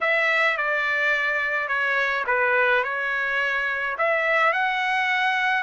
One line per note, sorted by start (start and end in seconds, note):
0.01 0.57 E5
0.57 1.67 D5
1.67 2.24 C#5
2.26 2.83 B4
2.83 3.96 C#5
3.98 4.53 E5
4.53 5.63 F#5